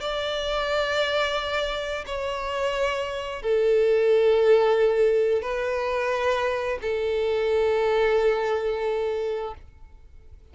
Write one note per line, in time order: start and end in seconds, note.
0.00 2.05 D5
2.06 3.42 C#5
3.42 5.41 A4
5.41 6.78 B4
6.82 9.54 A4